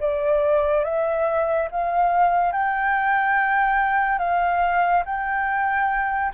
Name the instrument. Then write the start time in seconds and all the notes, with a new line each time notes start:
flute
0.00 D5
0.84 E5
1.71 F5
2.53 G5
4.19 F5
5.06 G5